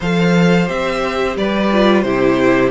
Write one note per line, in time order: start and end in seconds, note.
0.00 0.69 F3
0.00 0.65 A4
0.00 1.36 C5
0.00 0.68 F5
0.65 1.36 C4
0.65 1.68 G4
0.65 1.36 E5
1.36 2.04 G3
1.36 2.05 B4
1.36 2.01 D5
1.72 2.05 F4
2.01 2.71 C3
2.01 2.71 E4
2.01 2.71 G4
2.01 2.69 C5